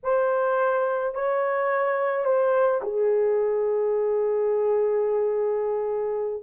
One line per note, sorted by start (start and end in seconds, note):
0.03 1.14 C5
1.14 2.24 C#5
2.24 2.80 C5
2.82 6.43 G#4